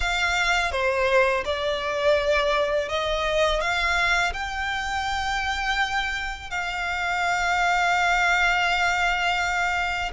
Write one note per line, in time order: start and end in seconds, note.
0.00 0.71 F5
0.71 1.44 C5
1.45 2.88 D5
2.88 3.60 D#5
3.60 4.32 F5
4.33 6.50 G5
6.50 10.11 F5